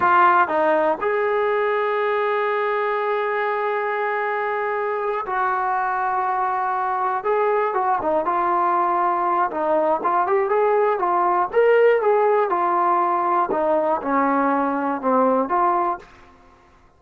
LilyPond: \new Staff \with { instrumentName = "trombone" } { \time 4/4 \tempo 4 = 120 f'4 dis'4 gis'2~ | gis'1~ | gis'2~ gis'8 fis'4.~ | fis'2~ fis'8 gis'4 fis'8 |
dis'8 f'2~ f'8 dis'4 | f'8 g'8 gis'4 f'4 ais'4 | gis'4 f'2 dis'4 | cis'2 c'4 f'4 | }